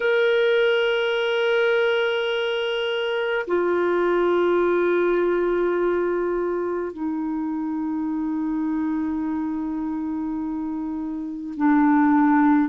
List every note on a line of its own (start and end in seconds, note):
0.00 3.46 A#4
3.47 6.92 F4
6.92 11.54 D#4
11.56 12.68 D4